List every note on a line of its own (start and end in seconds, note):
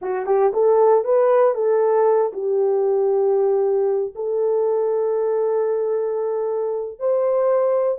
0.01 0.26 F#4
0.26 0.51 G4
0.53 1.04 A4
1.04 1.54 B4
1.54 2.32 A4
2.33 4.14 G4
4.15 6.99 A4
6.99 7.98 C5